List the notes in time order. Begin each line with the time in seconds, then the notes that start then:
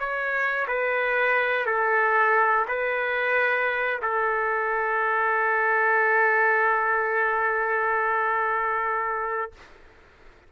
0.00 C#5
0.68 B4
1.66 A4
2.68 B4
4.02 A4